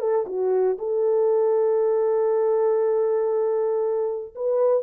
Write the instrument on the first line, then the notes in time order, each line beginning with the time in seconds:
horn
0.00 A4
0.27 F#4
0.79 A4
4.35 B4